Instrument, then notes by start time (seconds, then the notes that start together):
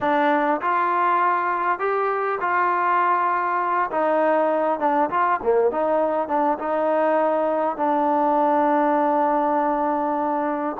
trombone
0.01 D4
0.61 F4
1.79 G4
2.40 F4
3.91 D#4
4.79 D4
5.10 F4
5.42 A#3
5.71 D#4
6.28 D4
6.58 D#4
7.76 D4